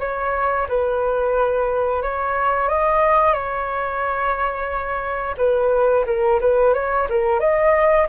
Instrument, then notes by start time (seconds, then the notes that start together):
flute
0.00 C#5
0.69 B4
2.03 C#5
2.69 D#5
3.33 C#5
5.38 B4
6.06 A#4
6.41 B4
6.74 C#5
7.10 A#4
7.40 D#5